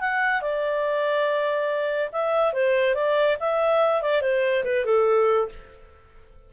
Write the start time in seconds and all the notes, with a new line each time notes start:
0.00 F#5
0.41 D5
2.12 E5
2.53 C5
2.94 D5
3.40 E5
4.02 D5
4.21 C5
4.64 B4
4.85 A4